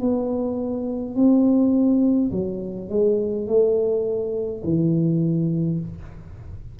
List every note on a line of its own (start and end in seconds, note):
0.00 1.15 B3
1.15 2.30 C4
2.31 2.89 F#3
2.89 3.47 G#3
3.47 4.62 A3
4.64 5.79 E3